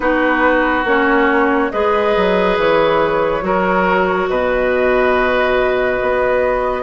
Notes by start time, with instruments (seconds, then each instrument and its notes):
0.00 bassoon B3, clarinet D#4, oboe F#4, flute B4
0.84 bassoon A#3, clarinet C#4, flute C#5
1.71 bassoon G#3, clarinet G#4, oboe B4, flute D#5
2.16 bassoon F#3
2.57 bassoon E3, flute C#5
3.41 bassoon F#3, clarinet F#4, oboe A#4
4.28 bassoon B2, oboe B4, flute D#5
6.02 bassoon B3